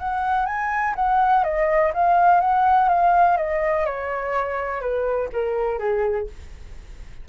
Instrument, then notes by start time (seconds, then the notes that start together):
flute
0.00 F#5
0.46 G#5
0.96 F#5
1.44 D#5
1.94 F5
2.41 F#5
2.89 F5
3.37 D#5
3.86 C#5
4.81 B4
5.33 A#4
5.79 G#4